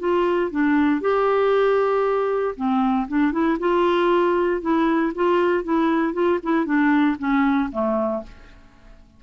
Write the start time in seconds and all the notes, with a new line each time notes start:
0.00 F4
0.52 D4
1.01 G4
2.56 C4
3.09 D4
3.33 E4
3.59 F4
4.62 E4
5.15 F4
5.64 E4
6.14 F4
6.43 E4
6.66 D4
7.19 C#4
7.72 A3